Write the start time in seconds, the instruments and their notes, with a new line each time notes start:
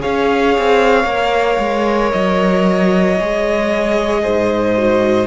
0.00 cello C#4, viola G#4, violin C#5 F5
0.59 cello C4
1.04 cello A#3, viola A#4
1.59 cello G#3
2.12 cello F#3, violin D#5
3.20 cello G#3, viola G#4
4.23 cello G#2, violin C5
4.77 viola F#4